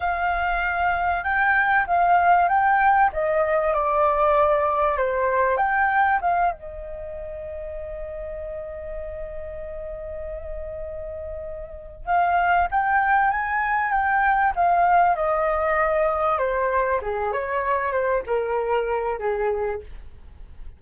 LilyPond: \new Staff \with { instrumentName = "flute" } { \time 4/4 \tempo 4 = 97 f''2 g''4 f''4 | g''4 dis''4 d''2 | c''4 g''4 f''8 dis''4.~ | dis''1~ |
dis''2.~ dis''8 f''8~ | f''8 g''4 gis''4 g''4 f''8~ | f''8 dis''2 c''4 gis'8 | cis''4 c''8 ais'4. gis'4 | }